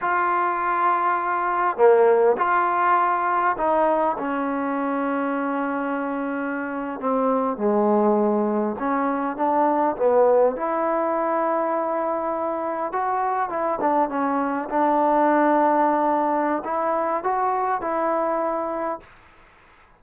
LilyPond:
\new Staff \with { instrumentName = "trombone" } { \time 4/4 \tempo 4 = 101 f'2. ais4 | f'2 dis'4 cis'4~ | cis'2.~ cis'8. c'16~ | c'8. gis2 cis'4 d'16~ |
d'8. b4 e'2~ e'16~ | e'4.~ e'16 fis'4 e'8 d'8 cis'16~ | cis'8. d'2.~ d'16 | e'4 fis'4 e'2 | }